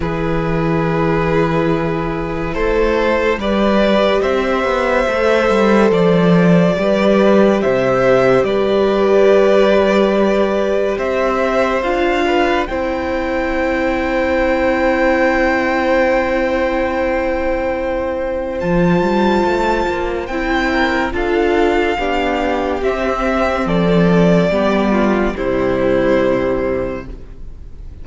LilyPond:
<<
  \new Staff \with { instrumentName = "violin" } { \time 4/4 \tempo 4 = 71 b'2. c''4 | d''4 e''2 d''4~ | d''4 e''4 d''2~ | d''4 e''4 f''4 g''4~ |
g''1~ | g''2 a''2 | g''4 f''2 e''4 | d''2 c''2 | }
  \new Staff \with { instrumentName = "violin" } { \time 4/4 gis'2. a'4 | b'4 c''2. | b'4 c''4 b'2~ | b'4 c''4. b'8 c''4~ |
c''1~ | c''1~ | c''8 ais'8 a'4 g'2 | a'4 g'8 f'8 e'2 | }
  \new Staff \with { instrumentName = "viola" } { \time 4/4 e'1 | g'2 a'2 | g'1~ | g'2 f'4 e'4~ |
e'1~ | e'2 f'2 | e'4 f'4 d'4 c'4~ | c'4 b4 g2 | }
  \new Staff \with { instrumentName = "cello" } { \time 4/4 e2. a4 | g4 c'8 b8 a8 g8 f4 | g4 c4 g2~ | g4 c'4 d'4 c'4~ |
c'1~ | c'2 f8 g8 a8 ais8 | c'4 d'4 b4 c'4 | f4 g4 c2 | }
>>